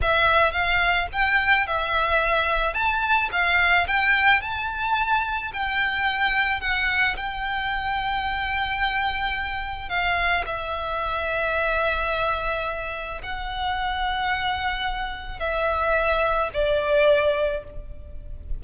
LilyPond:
\new Staff \with { instrumentName = "violin" } { \time 4/4 \tempo 4 = 109 e''4 f''4 g''4 e''4~ | e''4 a''4 f''4 g''4 | a''2 g''2 | fis''4 g''2.~ |
g''2 f''4 e''4~ | e''1 | fis''1 | e''2 d''2 | }